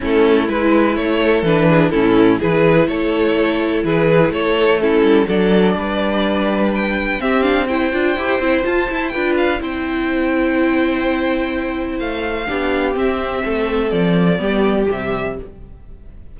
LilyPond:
<<
  \new Staff \with { instrumentName = "violin" } { \time 4/4 \tempo 4 = 125 a'4 b'4 cis''4 b'4 | a'4 b'4 cis''2 | b'4 cis''4 a'4 d''4~ | d''2 g''4 e''8 f''8 |
g''2 a''4 g''8 f''8 | g''1~ | g''4 f''2 e''4~ | e''4 d''2 e''4 | }
  \new Staff \with { instrumentName = "violin" } { \time 4/4 e'2~ e'8 a'4 gis'8 | e'4 gis'4 a'2 | gis'4 a'4 e'4 a'4 | b'2. g'4 |
c''2. b'4 | c''1~ | c''2 g'2 | a'2 g'2 | }
  \new Staff \with { instrumentName = "viola" } { \time 4/4 cis'4 e'2 d'4 | cis'4 e'2.~ | e'2 cis'4 d'4~ | d'2. c'8 d'8 |
e'8 f'8 g'8 e'8 f'8 e'8 f'4 | e'1~ | e'2 d'4 c'4~ | c'2 b4 g4 | }
  \new Staff \with { instrumentName = "cello" } { \time 4/4 a4 gis4 a4 e4 | a,4 e4 a2 | e4 a4. g8 fis4 | g2. c'4~ |
c'8 d'8 e'8 c'8 f'8 e'8 d'4 | c'1~ | c'4 a4 b4 c'4 | a4 f4 g4 c4 | }
>>